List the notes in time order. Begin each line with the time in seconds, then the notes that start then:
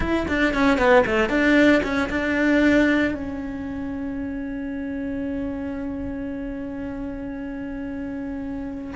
0.00 E4
0.28 D4
0.54 C#4
0.78 B3
1.06 A3
1.29 D4
1.83 C#4
2.09 D4
3.14 C#4